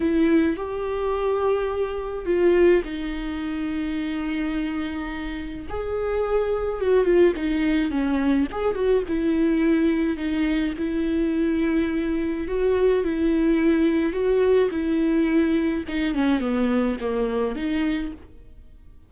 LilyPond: \new Staff \with { instrumentName = "viola" } { \time 4/4 \tempo 4 = 106 e'4 g'2. | f'4 dis'2.~ | dis'2 gis'2 | fis'8 f'8 dis'4 cis'4 gis'8 fis'8 |
e'2 dis'4 e'4~ | e'2 fis'4 e'4~ | e'4 fis'4 e'2 | dis'8 cis'8 b4 ais4 dis'4 | }